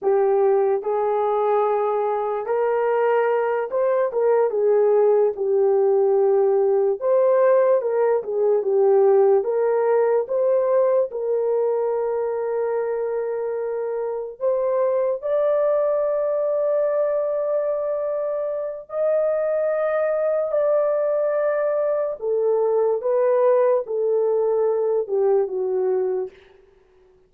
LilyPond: \new Staff \with { instrumentName = "horn" } { \time 4/4 \tempo 4 = 73 g'4 gis'2 ais'4~ | ais'8 c''8 ais'8 gis'4 g'4.~ | g'8 c''4 ais'8 gis'8 g'4 ais'8~ | ais'8 c''4 ais'2~ ais'8~ |
ais'4. c''4 d''4.~ | d''2. dis''4~ | dis''4 d''2 a'4 | b'4 a'4. g'8 fis'4 | }